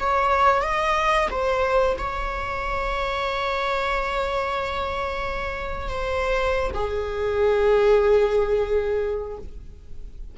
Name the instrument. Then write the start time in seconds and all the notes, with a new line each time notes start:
viola
0.00 C#5
0.62 D#5
1.31 C5
1.98 C#5
5.89 C5
6.74 G#4